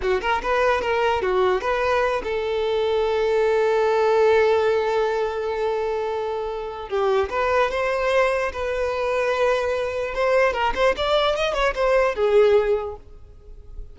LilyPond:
\new Staff \with { instrumentName = "violin" } { \time 4/4 \tempo 4 = 148 fis'8 ais'8 b'4 ais'4 fis'4 | b'4. a'2~ a'8~ | a'1~ | a'1~ |
a'4 g'4 b'4 c''4~ | c''4 b'2.~ | b'4 c''4 ais'8 c''8 d''4 | dis''8 cis''8 c''4 gis'2 | }